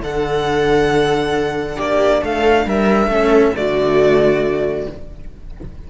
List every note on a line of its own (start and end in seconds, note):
0.00 1.76 D3
0.00 3.11 D4
0.00 1.76 A4
0.00 1.79 F#5
1.76 2.22 A#3
1.76 2.20 G4
1.76 2.24 D5
2.22 2.66 A3
2.22 2.66 A4
2.22 2.68 F5
2.66 3.07 G3
2.66 3.10 A#4
2.66 3.56 E5
3.07 3.51 A3
3.07 3.54 C#4
3.07 3.54 A4
3.54 4.90 D3
3.54 4.87 A3
3.54 4.89 F#4
3.54 4.89 D5